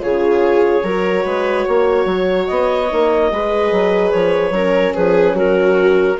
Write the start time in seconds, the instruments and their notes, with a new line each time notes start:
0.00 bassoon C#3, horn F4, viola G#4, clarinet C#5
0.83 bassoon F#3, horn F#4, viola A#4
1.24 bassoon G#3, viola B4
1.65 bassoon A#3, viola C#5
2.05 bassoon F#3
2.47 bassoon B3, clarinet D#5
2.89 bassoon A#3, horn D#4
3.31 bassoon G#3, horn G#4, viola B4
3.71 bassoon F#3
4.10 bassoon F3, clarinet C#5
4.50 bassoon F#3, horn C#4, viola A#4
4.94 bassoon F3, viola G#4, clarinet B4
5.34 bassoon F#3, viola F#4, clarinet A#4